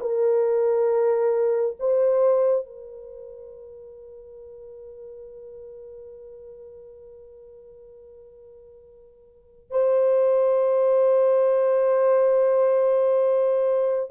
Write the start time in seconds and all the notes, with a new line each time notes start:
0.00 A#4
1.79 C5
2.66 A#4
9.71 C5